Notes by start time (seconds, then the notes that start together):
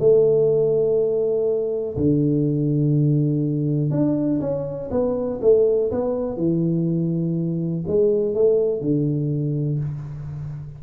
0.00 A3
1.97 D3
3.91 D4
4.41 C#4
4.91 B3
5.42 A3
5.92 B3
6.37 E3
7.87 G#3
8.35 A3
8.81 D3